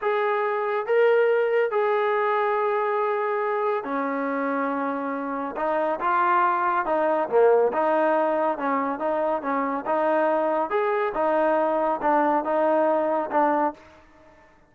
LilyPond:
\new Staff \with { instrumentName = "trombone" } { \time 4/4 \tempo 4 = 140 gis'2 ais'2 | gis'1~ | gis'4 cis'2.~ | cis'4 dis'4 f'2 |
dis'4 ais4 dis'2 | cis'4 dis'4 cis'4 dis'4~ | dis'4 gis'4 dis'2 | d'4 dis'2 d'4 | }